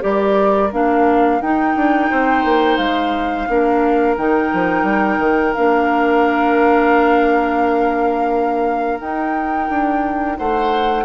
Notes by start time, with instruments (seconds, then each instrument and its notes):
0.00 bassoon G3, clarinet G4, oboe A#4, flute D5
0.72 bassoon A#3, clarinet D4, flute F5
1.41 bassoon D#4, clarinet D#4, flute G5
1.75 bassoon D4
2.10 bassoon C4, oboe C5
2.44 bassoon A#3
2.77 bassoon G#3, flute F5
3.48 bassoon A#3, clarinet D4, oboe A#4
4.17 bassoon D#3, clarinet D#4, flute G5
4.53 bassoon F3
4.83 bassoon G3
5.19 bassoon D#3
5.54 bassoon A#3, clarinet D4, flute F5
8.99 clarinet D#4, bassoon D#4, flute G5
9.69 bassoon D4
10.38 bassoon A3, oboe C5, flute F#5